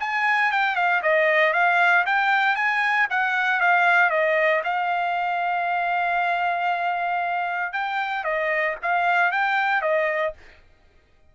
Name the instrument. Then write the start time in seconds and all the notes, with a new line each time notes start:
trumpet
0.00 G#5
0.52 G5
0.76 F5
1.03 D#5
1.53 F5
2.06 G5
2.56 G#5
3.10 F#5
3.61 F5
4.10 D#5
4.64 F5
7.73 G5
8.24 D#5
8.83 F5
9.32 G5
9.82 D#5